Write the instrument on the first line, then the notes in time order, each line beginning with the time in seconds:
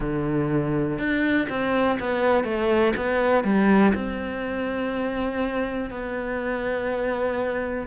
cello
0.00 D3
0.98 D4
1.49 C4
1.99 B3
2.44 A3
2.96 B3
3.43 G3
3.94 C4
5.90 B3